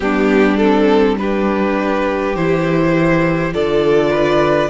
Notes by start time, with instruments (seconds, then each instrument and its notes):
0.00 cello G3, viola B3, violin D4 G4
0.57 viola C4, violin A4
1.18 viola D4, violin G4 B4
2.35 cello E3, viola E4, violin C5
3.52 cello D3, viola F4, violin A4 D5
4.10 violin B4